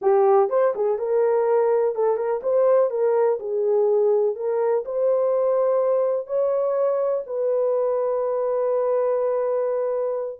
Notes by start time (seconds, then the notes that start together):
0.01 G4
0.49 C5
0.75 G#4
0.98 A#4
1.95 A4
2.16 A#4
2.42 C5
2.90 A#4
3.39 G#4
4.35 A#4
4.85 C5
6.27 C#5
7.26 B4